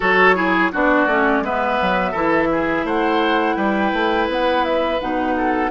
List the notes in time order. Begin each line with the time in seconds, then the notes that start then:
0.00 F#3 F#4 A4 C#5
0.35 E4 G#4
0.72 B3 D4 F#4 D5
1.06 A3 C#4
1.41 G#3 B3 B4 E5
1.81 F#3
2.11 E3 E4 A4
2.52 G#4
2.84 A3 C5 F#5
3.56 G3 B4 G5
3.93 A3
4.28 B3 F#5
4.64 E5
5.00 B2 D#4 F#5
5.36 A4